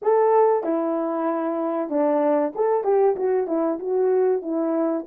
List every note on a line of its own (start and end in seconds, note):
0.01 0.63 A4
0.63 1.89 E4
1.89 2.53 D4
2.55 2.84 A4
2.84 3.15 G4
3.16 3.47 F#4
3.47 3.79 E4
3.79 4.42 F#4
4.42 5.05 E4